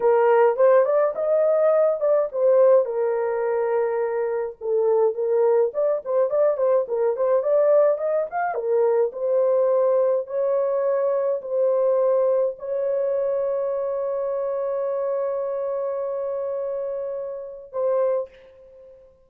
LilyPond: \new Staff \with { instrumentName = "horn" } { \time 4/4 \tempo 4 = 105 ais'4 c''8 d''8 dis''4. d''8 | c''4 ais'2. | a'4 ais'4 d''8 c''8 d''8 c''8 | ais'8 c''8 d''4 dis''8 f''8 ais'4 |
c''2 cis''2 | c''2 cis''2~ | cis''1~ | cis''2. c''4 | }